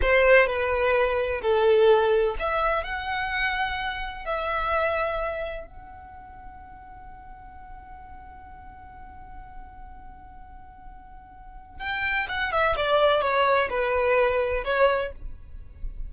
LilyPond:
\new Staff \with { instrumentName = "violin" } { \time 4/4 \tempo 4 = 127 c''4 b'2 a'4~ | a'4 e''4 fis''2~ | fis''4 e''2. | fis''1~ |
fis''1~ | fis''1~ | fis''4 g''4 fis''8 e''8 d''4 | cis''4 b'2 cis''4 | }